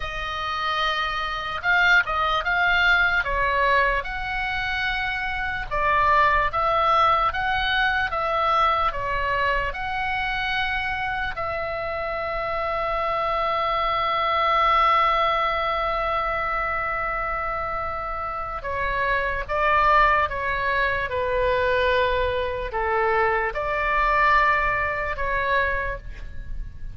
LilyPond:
\new Staff \with { instrumentName = "oboe" } { \time 4/4 \tempo 4 = 74 dis''2 f''8 dis''8 f''4 | cis''4 fis''2 d''4 | e''4 fis''4 e''4 cis''4 | fis''2 e''2~ |
e''1~ | e''2. cis''4 | d''4 cis''4 b'2 | a'4 d''2 cis''4 | }